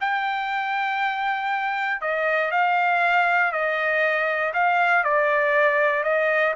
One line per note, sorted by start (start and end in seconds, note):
0.00 2.01 G5
2.01 2.51 D#5
2.51 3.51 F5
3.51 4.52 D#5
4.53 5.04 F5
5.04 6.03 D5
6.03 6.54 D#5